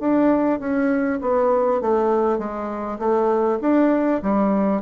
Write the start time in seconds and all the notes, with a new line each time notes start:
0.00 D4
0.60 C#4
1.22 B3
1.81 A3
2.39 G#3
2.99 A3
3.61 D4
4.23 G3